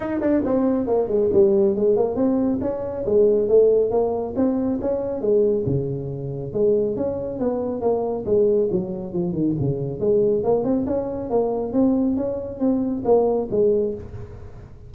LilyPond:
\new Staff \with { instrumentName = "tuba" } { \time 4/4 \tempo 4 = 138 dis'8 d'8 c'4 ais8 gis8 g4 | gis8 ais8 c'4 cis'4 gis4 | a4 ais4 c'4 cis'4 | gis4 cis2 gis4 |
cis'4 b4 ais4 gis4 | fis4 f8 dis8 cis4 gis4 | ais8 c'8 cis'4 ais4 c'4 | cis'4 c'4 ais4 gis4 | }